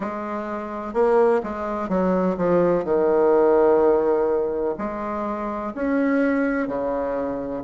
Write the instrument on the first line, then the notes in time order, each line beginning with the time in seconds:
bassoon
0.00 G#3
0.93 A#3
1.43 G#3
1.88 F#3
2.37 F3
2.84 D#3
4.77 G#3
5.74 C#4
6.67 C#3